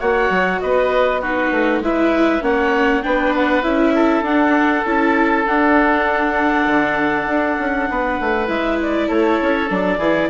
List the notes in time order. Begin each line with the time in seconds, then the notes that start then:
0.00 A#3 F#4 C#5 F#5
0.30 F#3
0.61 B3 B4 D#5
1.21 D#4 F#4 B4
1.51 A3
1.80 G#3 E4 B4 E5
2.41 A#3 C#4 C#5 F#5
3.03 B3 D4 B4 G5
3.36 F#5
3.63 C#4 E4 E5
3.95 A4
4.22 D4 F#5
4.85 C#4 E4 A5
5.46 D4 F#5
6.67 D3
7.27 D4
7.59 C#4
7.90 B3 B4
8.20 A3
8.47 G#3 E4 E5
8.82 D5
9.08 A3 A4 C#5
9.42 C#4
9.68 F#3 D4 D5
9.98 E3 E4 G#4